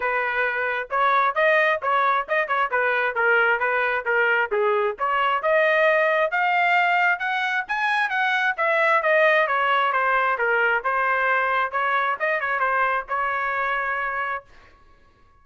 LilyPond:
\new Staff \with { instrumentName = "trumpet" } { \time 4/4 \tempo 4 = 133 b'2 cis''4 dis''4 | cis''4 dis''8 cis''8 b'4 ais'4 | b'4 ais'4 gis'4 cis''4 | dis''2 f''2 |
fis''4 gis''4 fis''4 e''4 | dis''4 cis''4 c''4 ais'4 | c''2 cis''4 dis''8 cis''8 | c''4 cis''2. | }